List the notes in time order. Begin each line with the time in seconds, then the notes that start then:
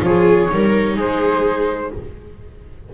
0.00 F3 F4 G#4 C#5
0.50 G3 D#4 A#4
0.96 G#3 G#4 C5